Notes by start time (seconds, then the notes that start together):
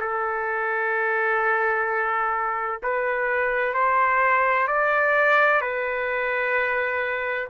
0.00 A4
2.83 B4
3.74 C5
4.68 D5
5.61 B4